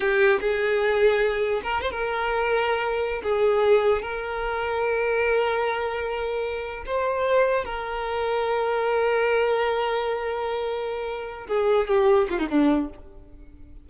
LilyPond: \new Staff \with { instrumentName = "violin" } { \time 4/4 \tempo 4 = 149 g'4 gis'2. | ais'8 c''16 ais'2.~ ais'16 | gis'2 ais'2~ | ais'1~ |
ais'4 c''2 ais'4~ | ais'1~ | ais'1~ | ais'8 gis'4 g'4 f'16 dis'16 d'4 | }